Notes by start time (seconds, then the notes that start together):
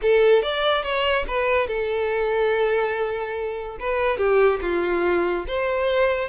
0.02 A4
0.42 D5
0.83 C#5
1.27 B4
1.67 A4
3.79 B4
4.17 G4
4.61 F4
5.47 C5